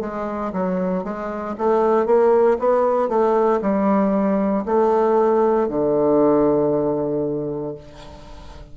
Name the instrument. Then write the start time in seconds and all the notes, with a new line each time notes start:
bassoon
0.00 G#3
0.52 F#3
1.03 G#3
1.58 A3
2.05 A#3
2.59 B3
3.08 A3
3.61 G3
4.65 A3
5.68 D3